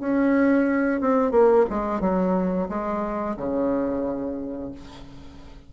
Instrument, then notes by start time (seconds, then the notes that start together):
bassoon
0.00 C#4
1.01 C4
1.31 A#3
1.70 G#3
2.00 F#3
2.69 G#3
3.37 C#3